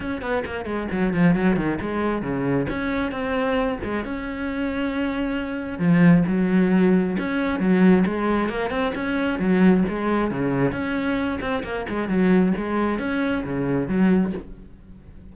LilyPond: \new Staff \with { instrumentName = "cello" } { \time 4/4 \tempo 4 = 134 cis'8 b8 ais8 gis8 fis8 f8 fis8 dis8 | gis4 cis4 cis'4 c'4~ | c'8 gis8 cis'2.~ | cis'4 f4 fis2 |
cis'4 fis4 gis4 ais8 c'8 | cis'4 fis4 gis4 cis4 | cis'4. c'8 ais8 gis8 fis4 | gis4 cis'4 cis4 fis4 | }